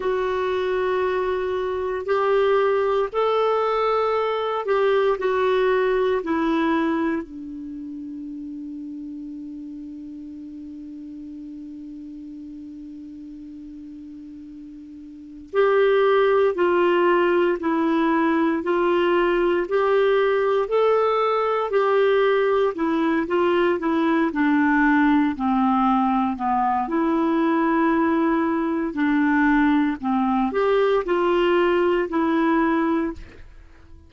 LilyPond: \new Staff \with { instrumentName = "clarinet" } { \time 4/4 \tempo 4 = 58 fis'2 g'4 a'4~ | a'8 g'8 fis'4 e'4 d'4~ | d'1~ | d'2. g'4 |
f'4 e'4 f'4 g'4 | a'4 g'4 e'8 f'8 e'8 d'8~ | d'8 c'4 b8 e'2 | d'4 c'8 g'8 f'4 e'4 | }